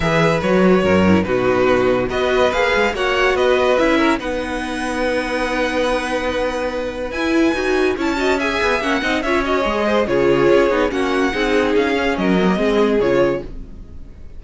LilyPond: <<
  \new Staff \with { instrumentName = "violin" } { \time 4/4 \tempo 4 = 143 e''4 cis''2 b'4~ | b'4 dis''4 f''4 fis''4 | dis''4 e''4 fis''2~ | fis''1~ |
fis''4 gis''2 a''4 | gis''4 fis''4 e''8 dis''4. | cis''2 fis''2 | f''4 dis''2 cis''4 | }
  \new Staff \with { instrumentName = "violin" } { \time 4/4 b'2 ais'4 fis'4~ | fis'4 b'2 cis''4 | b'4. ais'8 b'2~ | b'1~ |
b'2. cis''8 dis''8 | e''4. dis''8 cis''4. c''8 | gis'2 fis'4 gis'4~ | gis'4 ais'4 gis'2 | }
  \new Staff \with { instrumentName = "viola" } { \time 4/4 gis'4 fis'4. e'8 dis'4~ | dis'4 fis'4 gis'4 fis'4~ | fis'4 e'4 dis'2~ | dis'1~ |
dis'4 e'4 fis'4 e'8 fis'8 | gis'4 cis'8 dis'8 f'8 fis'8 gis'4 | f'4. dis'8 cis'4 dis'4~ | dis'8 cis'4 c'16 ais16 c'4 f'4 | }
  \new Staff \with { instrumentName = "cello" } { \time 4/4 e4 fis4 fis,4 b,4~ | b,4 b4 ais8 gis8 ais4 | b4 cis'4 b2~ | b1~ |
b4 e'4 dis'4 cis'4~ | cis'8 b8 ais8 c'8 cis'4 gis4 | cis4 cis'8 b8 ais4 c'4 | cis'4 fis4 gis4 cis4 | }
>>